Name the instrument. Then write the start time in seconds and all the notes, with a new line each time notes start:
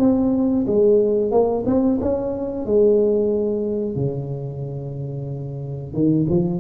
tuba
0.00 C4
0.67 G#3
1.31 A#3
1.66 C4
2.01 C#4
2.66 G#3
3.96 C#3
5.94 D#3
6.29 F3